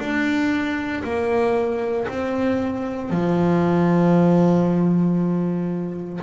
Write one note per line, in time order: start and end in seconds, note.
0.00 1.03 D4
1.04 2.08 A#3
2.09 3.10 C4
3.10 6.21 F3